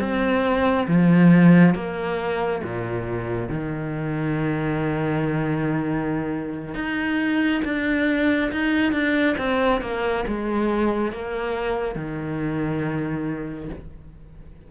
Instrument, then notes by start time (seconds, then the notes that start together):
cello
0.00 C4
0.88 F3
1.75 A#3
2.63 A#2
3.49 D#3
6.75 D#4
7.64 D4
8.52 D#4
8.93 D4
9.38 C4
9.81 A#3
10.27 G#3
11.12 A#3
11.95 D#3